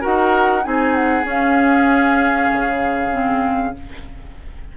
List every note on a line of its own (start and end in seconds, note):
0.00 0.66 D#4
0.00 0.62 F#4
0.00 0.62 A#4
0.00 0.64 F#5
0.62 1.24 C4
0.62 1.23 D#4
0.62 3.75 G#4
0.62 0.94 G#5
0.94 1.24 F#5
1.23 3.08 C#4
1.23 2.47 C#4
1.29 3.77 F5
2.52 3.75 C#3
3.11 3.73 C4